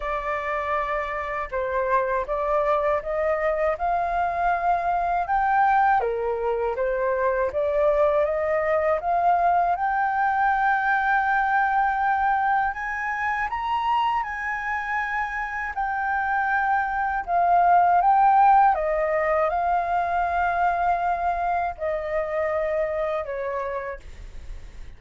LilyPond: \new Staff \with { instrumentName = "flute" } { \time 4/4 \tempo 4 = 80 d''2 c''4 d''4 | dis''4 f''2 g''4 | ais'4 c''4 d''4 dis''4 | f''4 g''2.~ |
g''4 gis''4 ais''4 gis''4~ | gis''4 g''2 f''4 | g''4 dis''4 f''2~ | f''4 dis''2 cis''4 | }